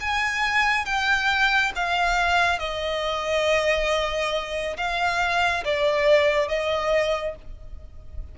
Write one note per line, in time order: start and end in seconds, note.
0.00 0.85 G#5
0.85 1.72 G5
1.75 2.59 F5
2.59 4.76 D#5
4.77 5.64 F5
5.64 6.48 D5
6.48 7.35 D#5